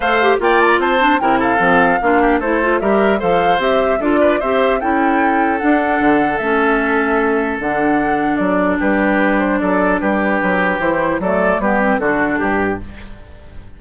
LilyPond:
<<
  \new Staff \with { instrumentName = "flute" } { \time 4/4 \tempo 4 = 150 f''4 g''8 a''16 ais''16 a''4 g''8 f''8~ | f''2 c''4 e''4 | f''4 e''4 d''4 e''4 | g''2 fis''2 |
e''2. fis''4~ | fis''4 d''4 b'4. c''8 | d''4 b'2 c''4 | d''4 b'4 a'4 g'4 | }
  \new Staff \with { instrumentName = "oboe" } { \time 4/4 c''4 d''4 c''4 ais'8 a'8~ | a'4 f'8 g'8 a'4 ais'4 | c''2 a'8 b'8 c''4 | a'1~ |
a'1~ | a'2 g'2 | a'4 g'2. | a'4 g'4 fis'4 g'4 | }
  \new Staff \with { instrumentName = "clarinet" } { \time 4/4 a'8 g'8 f'4. d'8 e'4 | c'4 d'4 e'8 f'8 g'4 | a'4 g'4 f'4 g'4 | e'2 d'2 |
cis'2. d'4~ | d'1~ | d'2. e'4 | a4 b8 c'8 d'2 | }
  \new Staff \with { instrumentName = "bassoon" } { \time 4/4 a4 ais4 c'4 c4 | f4 ais4 a4 g4 | f4 c'4 d'4 c'4 | cis'2 d'4 d4 |
a2. d4~ | d4 fis4 g2 | fis4 g4 fis4 e4 | fis4 g4 d4 g,4 | }
>>